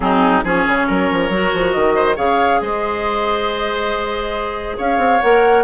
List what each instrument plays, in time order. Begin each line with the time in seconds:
0.00 bassoon F#3, clarinet C4, oboe D#4, flute G#4
0.43 bassoon F3, clarinet C#4, oboe G#4, flute C#5
0.67 bassoon C#3
0.87 bassoon F#3, oboe A#4
1.11 bassoon F3
1.29 bassoon F#3, clarinet F#4
1.54 bassoon F3
1.70 bassoon D#3, flute D#5
1.95 oboe C5
2.15 bassoon C#3, clarinet G#4, oboe C#5, flute F5
2.61 bassoon G#3, oboe C5, flute D#5
4.77 bassoon C#4, oboe C#5, flute F5
4.97 bassoon C4
5.21 bassoon A#3, clarinet A#4, flute F#5